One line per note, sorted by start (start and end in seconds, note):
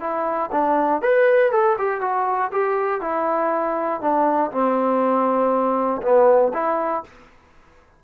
0.00 0.50 E4
0.52 1.01 D4
1.01 1.51 B4
1.51 1.76 A4
1.78 2.01 G4
2.01 2.51 F#4
2.52 3.01 G4
3.01 4.01 E4
4.01 4.51 D4
4.51 6.01 C4
6.02 6.52 B3
6.53 7.03 E4